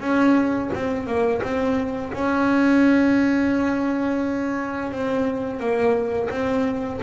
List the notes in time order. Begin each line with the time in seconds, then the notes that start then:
0.00 C#4
0.74 C4
1.07 A#3
1.42 C4
2.13 C#4
4.92 C4
5.59 A#3
6.30 C4